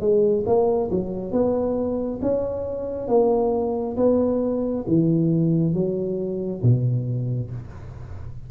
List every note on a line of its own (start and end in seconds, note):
0.00 0.44 G#3
0.46 0.90 A#3
0.91 1.32 F#3
1.32 2.20 B3
2.21 3.08 C#4
3.08 3.96 A#3
3.97 4.85 B3
4.87 5.74 E3
5.74 6.62 F#3
6.63 7.51 B2